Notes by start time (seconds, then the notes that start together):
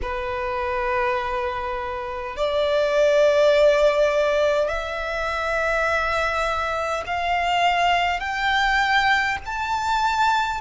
0.02 B4
2.36 D5
4.68 E5
7.06 F5
8.20 G5
9.45 A5